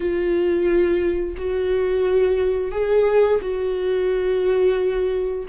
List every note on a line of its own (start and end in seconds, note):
0.00 1.35 F4
1.37 2.71 F#4
2.71 3.39 G#4
3.41 5.46 F#4